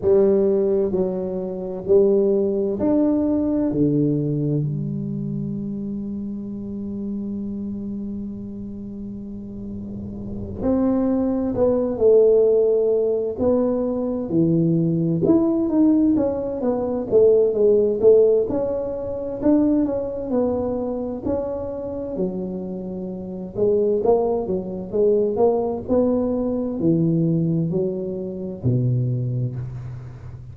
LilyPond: \new Staff \with { instrumentName = "tuba" } { \time 4/4 \tempo 4 = 65 g4 fis4 g4 d'4 | d4 g2.~ | g2.~ g8 c'8~ | c'8 b8 a4. b4 e8~ |
e8 e'8 dis'8 cis'8 b8 a8 gis8 a8 | cis'4 d'8 cis'8 b4 cis'4 | fis4. gis8 ais8 fis8 gis8 ais8 | b4 e4 fis4 b,4 | }